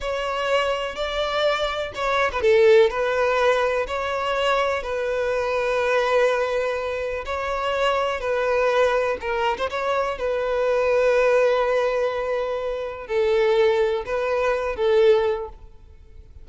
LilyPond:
\new Staff \with { instrumentName = "violin" } { \time 4/4 \tempo 4 = 124 cis''2 d''2 | cis''8. b'16 a'4 b'2 | cis''2 b'2~ | b'2. cis''4~ |
cis''4 b'2 ais'8. c''16 | cis''4 b'2.~ | b'2. a'4~ | a'4 b'4. a'4. | }